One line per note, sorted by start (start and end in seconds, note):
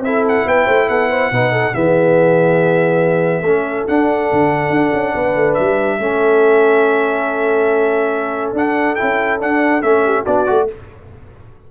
0.00 0.43 C4
0.00 1.34 E4
0.00 0.25 E5
0.06 0.48 A4
0.29 0.48 F#5
0.46 0.67 B3
0.46 0.66 B4
0.46 0.90 G5
0.66 0.89 A3
0.66 0.87 C5
0.89 1.31 B3
0.89 1.10 A4
0.89 1.75 F#5
1.10 1.31 C5
1.31 1.74 B2
1.31 1.74 D#4
1.31 1.52 B4
1.52 1.74 A4
1.74 3.42 E3
1.74 3.44 B3
1.74 3.45 G#4
1.74 3.88 E5
3.42 3.85 A3
3.42 3.88 C#4
3.42 5.15 A4
3.88 6.01 D4
3.88 4.31 D4
3.88 5.54 F#5
4.33 4.70 D3
4.70 4.92 D4
4.93 5.15 C#4
5.15 5.36 B3
5.15 5.99 B4
5.36 5.57 A3
5.54 5.99 G3
5.54 8.52 E5
5.99 8.53 A3
5.99 8.56 C#4
5.99 10.03 A4
8.53 8.96 D4
8.53 8.98 D4
8.53 8.96 F#5
8.96 9.40 E4
8.96 9.38 G5
9.02 9.43 C#4
9.40 9.82 D4
9.40 9.83 D4
9.40 9.82 F#5
9.82 10.26 A3
9.82 10.26 C#4
9.82 10.25 E5
10.05 10.22 G4
10.22 10.49 B3
10.22 10.47 D4
10.22 10.64 F#4
10.22 10.69 D5
10.47 10.71 A3
10.47 10.68 F#4